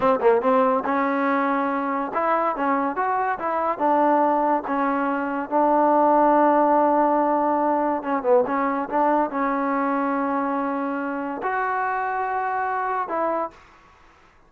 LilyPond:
\new Staff \with { instrumentName = "trombone" } { \time 4/4 \tempo 4 = 142 c'8 ais8 c'4 cis'2~ | cis'4 e'4 cis'4 fis'4 | e'4 d'2 cis'4~ | cis'4 d'2.~ |
d'2. cis'8 b8 | cis'4 d'4 cis'2~ | cis'2. fis'4~ | fis'2. e'4 | }